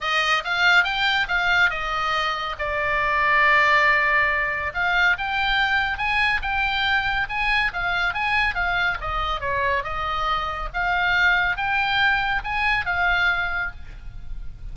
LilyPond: \new Staff \with { instrumentName = "oboe" } { \time 4/4 \tempo 4 = 140 dis''4 f''4 g''4 f''4 | dis''2 d''2~ | d''2. f''4 | g''2 gis''4 g''4~ |
g''4 gis''4 f''4 gis''4 | f''4 dis''4 cis''4 dis''4~ | dis''4 f''2 g''4~ | g''4 gis''4 f''2 | }